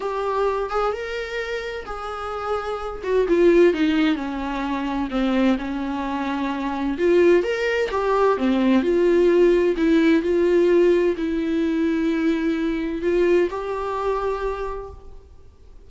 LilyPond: \new Staff \with { instrumentName = "viola" } { \time 4/4 \tempo 4 = 129 g'4. gis'8 ais'2 | gis'2~ gis'8 fis'8 f'4 | dis'4 cis'2 c'4 | cis'2. f'4 |
ais'4 g'4 c'4 f'4~ | f'4 e'4 f'2 | e'1 | f'4 g'2. | }